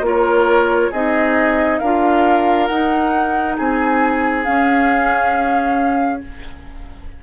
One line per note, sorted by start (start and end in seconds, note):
0.00 0.88 A#3
0.00 0.92 F4
0.00 0.91 A#4
0.06 0.92 C#5
0.91 1.80 C4
0.91 1.82 D#4
0.91 1.79 G#4
0.91 1.78 D#5
1.78 2.69 D4
1.78 2.70 F4
1.78 3.56 A#4
1.78 2.67 F5
2.67 3.57 D#4
2.67 4.44 D#4
2.67 3.55 F#5
3.56 4.46 C4
3.56 6.21 G#4
3.56 4.44 G#5
4.44 6.21 C#4
4.44 6.23 C#4
4.44 6.20 F5